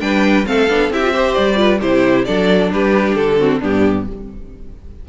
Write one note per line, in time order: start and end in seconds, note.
0.00 0.46 G3
0.00 0.45 D4
0.00 0.47 B4
0.00 0.46 G5
0.45 0.69 A3
0.45 0.68 C4
0.45 0.94 A4
0.45 0.92 F5
0.69 0.90 B3
0.69 0.92 D4
0.90 1.35 C4
0.90 1.03 E4
0.90 1.14 G4
0.90 1.34 E5
1.03 1.14 F4
1.14 1.56 G4
1.14 1.59 C5
1.34 1.82 G3
1.34 1.79 D5
1.56 1.78 F4
1.56 1.80 B4
1.80 2.27 C3
1.80 2.27 E4
1.80 2.25 G4
1.80 2.25 C5
2.25 2.73 F#3
2.25 3.39 D4
2.25 2.72 A4
2.25 2.70 D5
2.73 3.16 G3
2.73 3.40 G4
2.73 3.15 B4
3.15 3.61 D3
3.15 3.60 A4
3.39 3.61 C4
3.39 3.60 F#4
3.60 4.08 G2
3.60 4.07 B3
3.60 4.05 D4
3.60 4.09 G4